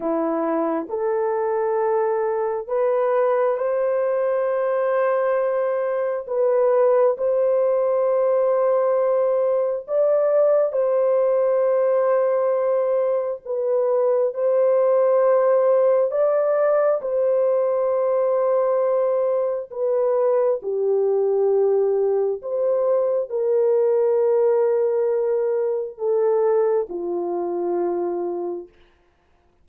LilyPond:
\new Staff \with { instrumentName = "horn" } { \time 4/4 \tempo 4 = 67 e'4 a'2 b'4 | c''2. b'4 | c''2. d''4 | c''2. b'4 |
c''2 d''4 c''4~ | c''2 b'4 g'4~ | g'4 c''4 ais'2~ | ais'4 a'4 f'2 | }